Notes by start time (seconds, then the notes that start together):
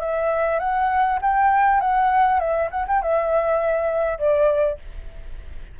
0.00 E5
0.59 F#5
1.22 G5
1.80 F#5
2.39 E5
2.71 F#5
2.88 G5
3.02 E5
4.18 D5